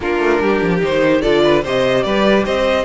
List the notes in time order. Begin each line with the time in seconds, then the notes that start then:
0.00 A#3 D4 F4 A#4
0.19 A3
0.40 G3 G4
0.61 F3
0.79 D#3 D#4 C5
1.21 D3 F4 A4 D5
1.44 B4
1.63 C3 G4 C5 D#5
2.03 G3 B4 D5
2.45 C4 C5 D#5